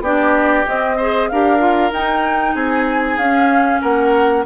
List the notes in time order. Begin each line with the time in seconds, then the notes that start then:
0.00 B3 D4 G4 D5
0.67 C4 D#5
0.97 G#4 C5
1.28 D4 G4 A#4 F5
1.59 F4
1.91 D#4 G5
2.54 C4 G#4 G#5
3.17 C#4 F5
3.81 A#3 A#4 F#5